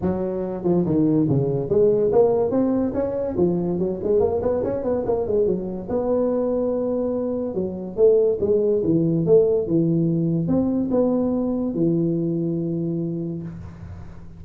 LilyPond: \new Staff \with { instrumentName = "tuba" } { \time 4/4 \tempo 4 = 143 fis4. f8 dis4 cis4 | gis4 ais4 c'4 cis'4 | f4 fis8 gis8 ais8 b8 cis'8 b8 | ais8 gis8 fis4 b2~ |
b2 fis4 a4 | gis4 e4 a4 e4~ | e4 c'4 b2 | e1 | }